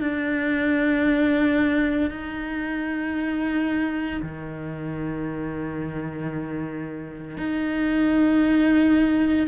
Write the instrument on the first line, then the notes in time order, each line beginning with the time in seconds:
cello
0.00 D4
2.10 D#4
4.22 D#3
7.37 D#4